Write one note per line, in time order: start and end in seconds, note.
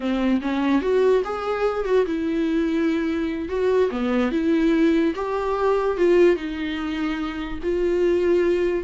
0.00 0.40 C4
0.41 0.81 C#4
0.81 1.22 F#4
1.24 1.85 G#4
1.85 2.05 F#4
2.06 3.48 E4
3.48 3.89 F#4
3.90 4.31 B3
4.31 5.14 E4
5.15 5.97 G4
5.97 6.35 F4
6.35 7.59 D#4
7.63 8.84 F4